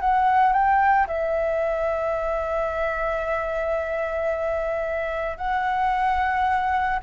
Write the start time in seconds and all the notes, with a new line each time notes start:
0.00 F#5
0.53 G5
1.07 E5
5.37 F#5